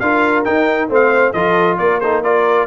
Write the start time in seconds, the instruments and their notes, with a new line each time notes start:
0.00 tuba D4, trombone F4, horn A#4, trumpet F5
0.45 trombone D#4, tuba D#4, trumpet G5
0.89 tuba A3, trombone C4, horn C5, trumpet F5
1.33 tuba F3, trombone F4, horn A4, trumpet D#5
1.78 tuba A#3, horn A#4, trumpet D5
2.00 trombone D#4, horn A4, trumpet C5
2.22 trombone F4, horn A#4, trumpet D5